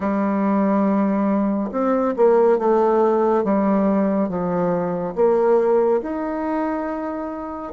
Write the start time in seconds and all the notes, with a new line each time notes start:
0.00 G3
1.71 C4
2.16 A#3
2.58 A3
3.44 G3
4.29 F3
5.15 A#3
6.02 D#4